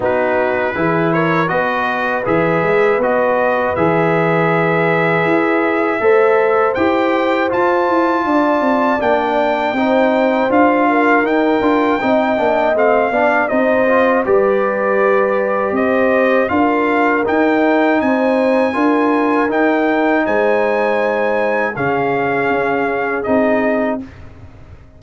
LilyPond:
<<
  \new Staff \with { instrumentName = "trumpet" } { \time 4/4 \tempo 4 = 80 b'4. cis''8 dis''4 e''4 | dis''4 e''2.~ | e''4 g''4 a''2 | g''2 f''4 g''4~ |
g''4 f''4 dis''4 d''4~ | d''4 dis''4 f''4 g''4 | gis''2 g''4 gis''4~ | gis''4 f''2 dis''4 | }
  \new Staff \with { instrumentName = "horn" } { \time 4/4 fis'4 gis'8 ais'8 b'2~ | b'1 | c''2. d''4~ | d''4 c''4. ais'4. |
dis''4. d''8 c''4 b'4~ | b'4 c''4 ais'2 | c''4 ais'2 c''4~ | c''4 gis'2. | }
  \new Staff \with { instrumentName = "trombone" } { \time 4/4 dis'4 e'4 fis'4 gis'4 | fis'4 gis'2. | a'4 g'4 f'2 | d'4 dis'4 f'4 dis'8 f'8 |
dis'8 d'8 c'8 d'8 dis'8 f'8 g'4~ | g'2 f'4 dis'4~ | dis'4 f'4 dis'2~ | dis'4 cis'2 dis'4 | }
  \new Staff \with { instrumentName = "tuba" } { \time 4/4 b4 e4 b4 e8 gis8 | b4 e2 e'4 | a4 e'4 f'8 e'8 d'8 c'8 | ais4 c'4 d'4 dis'8 d'8 |
c'8 ais8 a8 b8 c'4 g4~ | g4 c'4 d'4 dis'4 | c'4 d'4 dis'4 gis4~ | gis4 cis4 cis'4 c'4 | }
>>